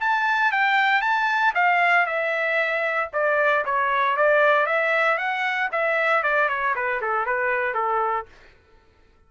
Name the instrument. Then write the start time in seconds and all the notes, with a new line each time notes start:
trumpet
0.00 A5
0.51 G5
1.01 A5
1.54 F5
2.06 E5
3.13 D5
3.65 C#5
4.16 D5
4.66 E5
5.17 F#5
5.71 E5
6.23 D5
6.48 C#5
6.75 B4
7.01 A4
7.25 B4
7.74 A4